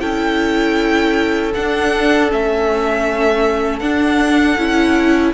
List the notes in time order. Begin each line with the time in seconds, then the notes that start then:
0.00 C#4 E4 A4 G5
1.54 D4 F#5
2.29 A3 C#4 E5
3.79 D4 F#5
4.58 C#4 E4